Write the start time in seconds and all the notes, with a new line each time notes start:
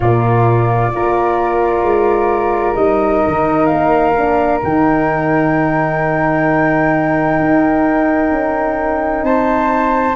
0.00 A#2 A#3 F4 D5
0.91 A#3 F4 A#4
1.82 G#3
2.74 G3 D#4 D#5
3.27 D#3
3.66 A#3 F5
4.17 D4
4.62 D#3 D#4 G5
7.39 D#4
8.30 C#4
9.22 C4 C5 A5